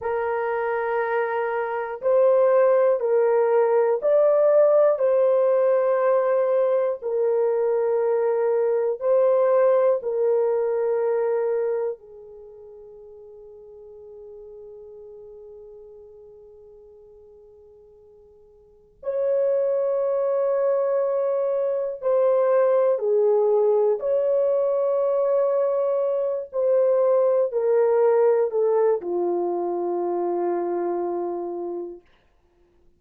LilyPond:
\new Staff \with { instrumentName = "horn" } { \time 4/4 \tempo 4 = 60 ais'2 c''4 ais'4 | d''4 c''2 ais'4~ | ais'4 c''4 ais'2 | gis'1~ |
gis'2. cis''4~ | cis''2 c''4 gis'4 | cis''2~ cis''8 c''4 ais'8~ | ais'8 a'8 f'2. | }